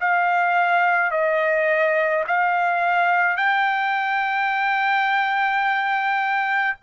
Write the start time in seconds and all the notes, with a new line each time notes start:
0.00 F5
1.11 D#5
2.27 F5
3.37 G5